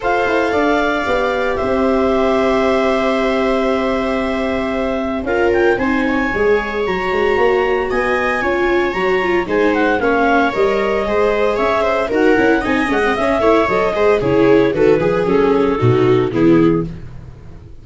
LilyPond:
<<
  \new Staff \with { instrumentName = "clarinet" } { \time 4/4 \tempo 4 = 114 f''2. e''4~ | e''1~ | e''2 f''8 g''8 gis''4~ | gis''4 ais''2 gis''4~ |
gis''4 ais''4 gis''8 fis''8 f''4 | dis''2 e''4 fis''4 | gis''8 fis''8 e''4 dis''4 cis''4 | b'4 a'2 gis'4 | }
  \new Staff \with { instrumentName = "viola" } { \time 4/4 c''4 d''2 c''4~ | c''1~ | c''2 ais'4 c''8 cis''8~ | cis''2. dis''4 |
cis''2 c''4 cis''4~ | cis''4 c''4 cis''8 c''8 ais'4 | dis''4. cis''4 c''8 gis'4 | a'8 gis'4. fis'4 e'4 | }
  \new Staff \with { instrumentName = "viola" } { \time 4/4 a'2 g'2~ | g'1~ | g'2 f'4 dis'4 | gis'4 fis'2. |
f'4 fis'8 f'8 dis'4 cis'4 | ais'4 gis'2 fis'8 e'8 | dis'8 cis'16 c'16 cis'8 e'8 a'8 gis'8 e'4 | fis'8 gis'8 cis'4 dis'4 b4 | }
  \new Staff \with { instrumentName = "tuba" } { \time 4/4 f'8 e'8 d'4 b4 c'4~ | c'1~ | c'2 cis'4 c'4 | gis4 fis8 gis8 ais4 b4 |
cis'4 fis4 gis4 ais4 | g4 gis4 cis'4 dis'8 cis'8 | c'8 gis8 cis'8 a8 fis8 gis8 cis4 | dis8 f8 fis4 b,4 e4 | }
>>